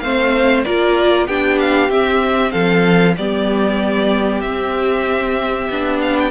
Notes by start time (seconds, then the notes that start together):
0.00 A3 C4 C5 F5
0.64 A#3 F4 A#4 D5
1.27 B3 D4 G4 G5
1.59 F5
1.89 C4 E5
2.52 F3 A4 F5
3.17 G3 B3 G4 D5
4.41 C4 E5
5.70 B3 D4
6.01 F5
6.19 G5